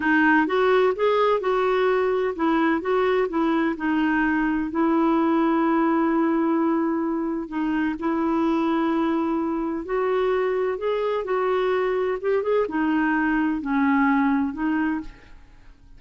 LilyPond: \new Staff \with { instrumentName = "clarinet" } { \time 4/4 \tempo 4 = 128 dis'4 fis'4 gis'4 fis'4~ | fis'4 e'4 fis'4 e'4 | dis'2 e'2~ | e'1 |
dis'4 e'2.~ | e'4 fis'2 gis'4 | fis'2 g'8 gis'8 dis'4~ | dis'4 cis'2 dis'4 | }